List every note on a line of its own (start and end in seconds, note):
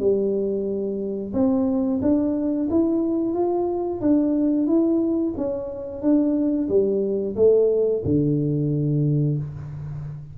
0.00 1.33 G3
1.34 2.00 C4
2.02 2.69 D4
2.71 3.34 E4
3.34 4.01 F4
4.02 4.68 D4
4.68 5.34 E4
5.37 6.02 C#4
6.02 6.69 D4
6.69 7.36 G3
7.36 8.03 A3
8.05 9.38 D3